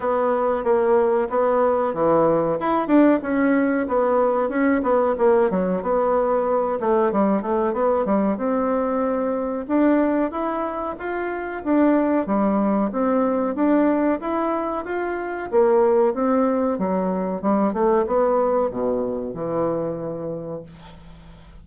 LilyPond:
\new Staff \with { instrumentName = "bassoon" } { \time 4/4 \tempo 4 = 93 b4 ais4 b4 e4 | e'8 d'8 cis'4 b4 cis'8 b8 | ais8 fis8 b4. a8 g8 a8 | b8 g8 c'2 d'4 |
e'4 f'4 d'4 g4 | c'4 d'4 e'4 f'4 | ais4 c'4 fis4 g8 a8 | b4 b,4 e2 | }